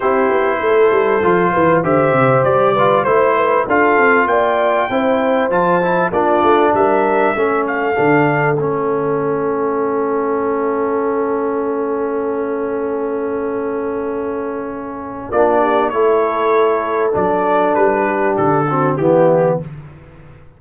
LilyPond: <<
  \new Staff \with { instrumentName = "trumpet" } { \time 4/4 \tempo 4 = 98 c''2. e''4 | d''4 c''4 f''4 g''4~ | g''4 a''4 d''4 e''4~ | e''8 f''4. e''2~ |
e''1~ | e''1~ | e''4 d''4 cis''2 | d''4 b'4 a'4 g'4 | }
  \new Staff \with { instrumentName = "horn" } { \time 4/4 g'4 a'4. b'8 c''4~ | c''8 b'8 c''8 b'8 a'4 d''4 | c''2 f'4 ais'4 | a'1~ |
a'1~ | a'1~ | a'4 f'8 g'8 a'2~ | a'4. g'4 fis'8 e'4 | }
  \new Staff \with { instrumentName = "trombone" } { \time 4/4 e'2 f'4 g'4~ | g'8 f'8 e'4 f'2 | e'4 f'8 e'8 d'2 | cis'4 d'4 cis'2~ |
cis'1~ | cis'1~ | cis'4 d'4 e'2 | d'2~ d'8 c'8 b4 | }
  \new Staff \with { instrumentName = "tuba" } { \time 4/4 c'8 b8 a8 g8 f8 e8 d8 c8 | g4 a4 d'8 c'8 ais4 | c'4 f4 ais8 a8 g4 | a4 d4 a2~ |
a1~ | a1~ | a4 ais4 a2 | fis4 g4 d4 e4 | }
>>